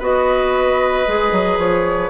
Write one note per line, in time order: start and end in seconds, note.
0.00 1.06 B3
0.00 1.06 F#4
0.00 2.10 B4
0.00 1.59 D#5
1.08 1.32 G#3
1.08 2.10 G#4
1.32 1.58 F#3
1.58 2.10 F3
1.58 2.10 C#5